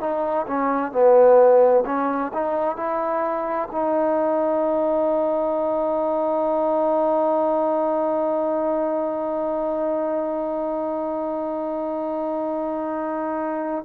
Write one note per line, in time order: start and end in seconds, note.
0.00 0.46 D#4
0.47 0.92 C#4
0.92 1.84 B3
1.86 2.32 C#4
2.34 2.77 D#4
2.77 3.69 E4
3.72 13.85 D#4